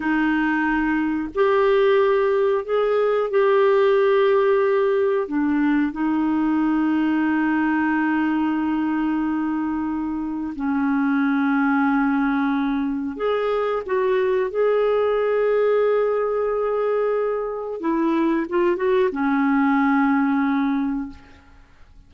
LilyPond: \new Staff \with { instrumentName = "clarinet" } { \time 4/4 \tempo 4 = 91 dis'2 g'2 | gis'4 g'2. | d'4 dis'2.~ | dis'1 |
cis'1 | gis'4 fis'4 gis'2~ | gis'2. e'4 | f'8 fis'8 cis'2. | }